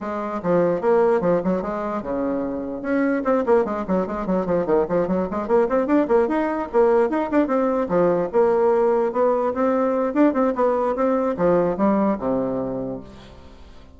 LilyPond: \new Staff \with { instrumentName = "bassoon" } { \time 4/4 \tempo 4 = 148 gis4 f4 ais4 f8 fis8 | gis4 cis2 cis'4 | c'8 ais8 gis8 fis8 gis8 fis8 f8 dis8 | f8 fis8 gis8 ais8 c'8 d'8 ais8 dis'8~ |
dis'8 ais4 dis'8 d'8 c'4 f8~ | f8 ais2 b4 c'8~ | c'4 d'8 c'8 b4 c'4 | f4 g4 c2 | }